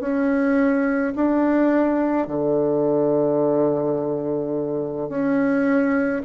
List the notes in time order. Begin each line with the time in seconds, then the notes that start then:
0.00 C#4
1.15 D4
2.27 D3
5.09 C#4